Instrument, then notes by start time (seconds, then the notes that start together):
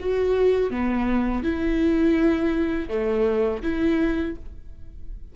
viola
0.00 F#4
0.71 B3
1.44 E4
2.89 A3
3.63 E4